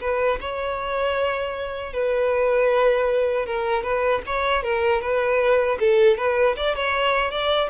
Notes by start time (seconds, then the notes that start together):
0.00 B4
0.40 C#5
1.93 B4
3.46 A#4
3.83 B4
4.26 C#5
4.63 A#4
5.01 B4
5.79 A4
6.17 B4
6.56 D5
6.75 C#5
7.30 D5